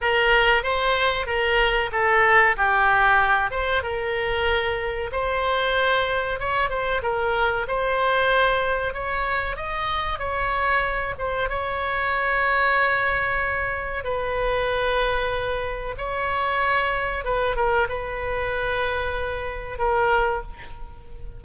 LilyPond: \new Staff \with { instrumentName = "oboe" } { \time 4/4 \tempo 4 = 94 ais'4 c''4 ais'4 a'4 | g'4. c''8 ais'2 | c''2 cis''8 c''8 ais'4 | c''2 cis''4 dis''4 |
cis''4. c''8 cis''2~ | cis''2 b'2~ | b'4 cis''2 b'8 ais'8 | b'2. ais'4 | }